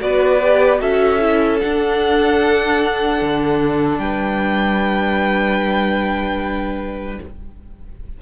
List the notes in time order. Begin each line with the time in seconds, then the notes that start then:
0.00 B3 F#4 B4 D5
0.42 G4
0.79 C#4 F#4 A4 E5
1.20 E4
1.60 D4 F#5
3.22 D3
3.98 G3 B4 G5